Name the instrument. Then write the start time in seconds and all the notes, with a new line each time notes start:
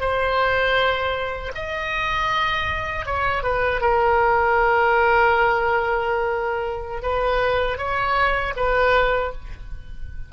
oboe
0.00 C5
1.55 D#5
3.06 C#5
3.43 B4
3.80 A#4
7.02 B4
7.77 C#5
8.56 B4